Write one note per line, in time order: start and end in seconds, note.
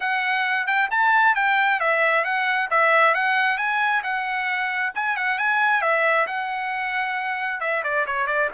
0.00 0.66 F#5
0.66 0.89 G5
0.90 1.35 A5
1.35 1.80 G5
1.80 2.24 E5
2.24 2.69 F#5
2.70 3.14 E5
3.14 3.57 F#5
3.57 4.02 G#5
4.03 4.93 F#5
4.94 5.16 G#5
5.16 5.38 F#5
5.38 5.81 G#5
5.81 6.26 E5
6.26 7.60 F#5
7.60 7.82 E5
7.83 8.05 D5
8.06 8.26 C#5
8.26 8.49 D5